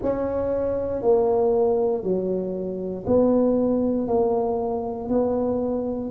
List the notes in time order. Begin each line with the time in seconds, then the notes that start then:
0.02 C#4
1.02 A#3
2.03 F#3
3.06 B3
4.07 A#3
5.08 B3